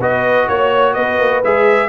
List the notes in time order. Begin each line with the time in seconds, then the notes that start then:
0.00 B3 F#4 B4 D#5
0.49 A#3 C#5
0.94 B3 B4 D#5
1.19 A#3
1.44 G#3 G#4 E5